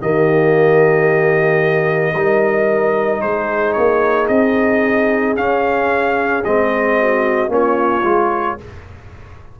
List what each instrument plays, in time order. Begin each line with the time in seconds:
0.00 tuba D#3, trombone A#3, horn G4, trumpet D#5
2.14 tuba G3, trombone D#4, horn A#4
3.21 tuba G#3, horn G#4, trumpet C5
3.73 tuba A#3, trumpet C#5
4.27 tuba C4, trumpet D#5
5.36 trombone C#4, tuba C#4, trumpet F5
6.44 tuba G#3, trombone C4, trumpet D#5
7.00 horn F#4
7.48 tuba A#3, trombone C#4, horn F4, trumpet C#5
8.04 tuba G#3, trombone F4